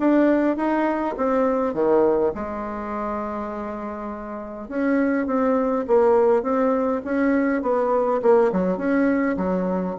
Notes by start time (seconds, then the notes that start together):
0.00 D4
0.57 D#4
1.17 C4
1.74 D#3
2.35 G#3
4.69 C#4
5.27 C4
5.88 A#3
6.43 C4
7.05 C#4
7.63 B3
8.22 A#3
8.53 F#3
8.78 C#4
9.37 F#3